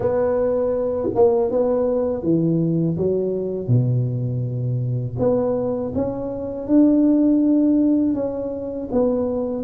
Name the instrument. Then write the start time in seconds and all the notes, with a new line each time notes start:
tuba
0.00 B3
1.14 A#3
1.51 B3
2.22 E3
2.97 F#3
3.67 B2
5.18 B3
5.95 C#4
6.67 D4
8.14 C#4
8.91 B3